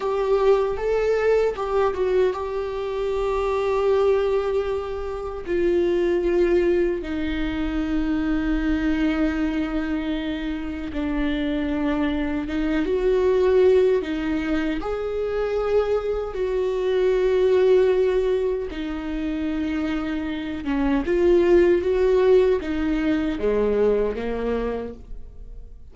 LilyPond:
\new Staff \with { instrumentName = "viola" } { \time 4/4 \tempo 4 = 77 g'4 a'4 g'8 fis'8 g'4~ | g'2. f'4~ | f'4 dis'2.~ | dis'2 d'2 |
dis'8 fis'4. dis'4 gis'4~ | gis'4 fis'2. | dis'2~ dis'8 cis'8 f'4 | fis'4 dis'4 gis4 ais4 | }